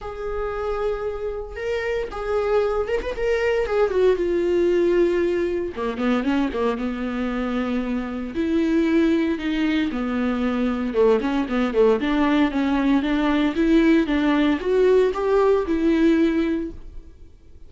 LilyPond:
\new Staff \with { instrumentName = "viola" } { \time 4/4 \tempo 4 = 115 gis'2. ais'4 | gis'4. ais'16 b'16 ais'4 gis'8 fis'8 | f'2. ais8 b8 | cis'8 ais8 b2. |
e'2 dis'4 b4~ | b4 a8 cis'8 b8 a8 d'4 | cis'4 d'4 e'4 d'4 | fis'4 g'4 e'2 | }